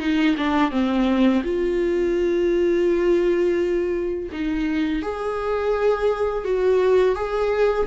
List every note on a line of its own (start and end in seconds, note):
0.00 0.36 D#4
0.37 0.71 D4
0.71 1.43 C4
1.44 4.30 F4
4.32 5.02 D#4
5.02 6.45 G#4
6.45 7.15 F#4
7.15 7.87 G#4